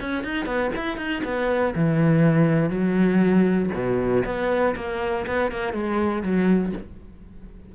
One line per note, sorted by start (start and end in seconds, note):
0.00 0.24 C#4
0.24 0.46 D#4
0.46 0.71 B3
0.76 0.97 E4
0.97 1.22 D#4
1.24 1.74 B3
1.75 2.70 E3
2.70 3.70 F#3
3.74 4.24 B2
4.25 4.75 B3
4.76 5.26 A#3
5.27 5.51 B3
5.51 5.73 A#3
5.73 6.23 G#3
6.23 6.73 F#3